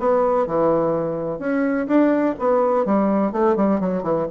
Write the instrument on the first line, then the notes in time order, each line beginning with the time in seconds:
bassoon
0.00 B3
0.47 E3
1.39 C#4
1.87 D4
2.39 B3
2.86 G3
3.32 A3
3.56 G3
3.80 F#3
4.03 E3